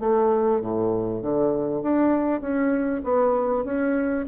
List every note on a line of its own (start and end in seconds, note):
0.00 0.61 A3
0.61 1.22 A2
1.22 1.83 D3
1.83 2.41 D4
2.41 3.03 C#4
3.04 3.65 B3
3.65 4.26 C#4